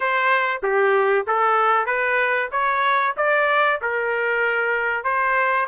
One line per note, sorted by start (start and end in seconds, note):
0.00 0.61 C5
0.63 1.26 G4
1.27 1.86 A4
1.86 2.49 B4
2.51 3.14 C#5
3.17 3.80 D5
3.81 5.04 A#4
5.04 5.67 C5